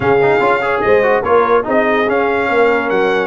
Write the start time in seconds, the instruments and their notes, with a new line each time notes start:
0.00 tuba C#3, trombone C#4, horn G#4, trumpet F5
0.22 trombone D#4
0.40 tuba C#4, trombone F4
0.61 trombone G#4, horn C#5
0.81 tuba G#3, horn C5, trumpet D#5
1.02 trombone F#4
1.22 tuba A#3, trombone F4, horn A#4, trumpet C#5
1.63 tuba C4, trombone D#4, horn G#4, trumpet D#5
2.07 tuba C#4, trombone C#4, trumpet F5
2.49 tuba A#3, horn A#4
2.89 tuba F#3, trumpet F#5